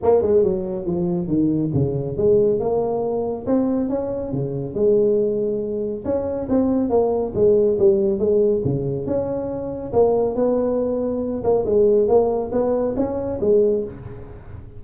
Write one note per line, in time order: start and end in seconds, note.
0.03 0.21 A#3
0.21 0.43 G#3
0.43 0.85 F#3
0.85 1.27 F3
1.27 1.70 D#3
1.73 2.17 C#3
2.17 2.59 G#3
2.59 3.46 A#3
3.46 3.89 C4
3.89 4.32 C#4
4.32 4.74 C#3
4.74 6.03 G#3
6.04 6.47 C#4
6.49 6.89 C4
6.89 7.32 A#3
7.34 7.77 G#3
7.78 8.18 G3
8.18 8.62 G#3
8.64 9.06 C#3
9.06 9.92 C#4
9.92 10.35 A#3
10.35 11.43 B3
11.43 11.65 A#3
11.65 12.08 G#3
12.08 12.51 A#3
12.52 12.95 B3
12.96 13.39 C#4
13.40 13.83 G#3